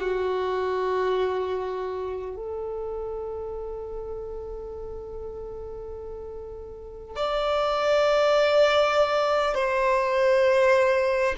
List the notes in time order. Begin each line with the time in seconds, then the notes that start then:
0.00 F#4
2.37 A4
7.16 D5
9.55 C5